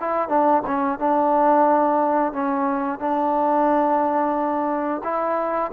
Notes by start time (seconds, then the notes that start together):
0.00 E4
0.28 D4
0.66 C#4
0.99 D4
2.33 C#4
2.99 D4
5.04 E4